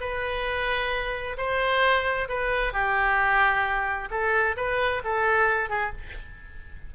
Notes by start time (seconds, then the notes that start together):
0.00 B4
1.37 C5
2.28 B4
2.72 G4
4.10 A4
4.56 B4
5.04 A4
5.69 G#4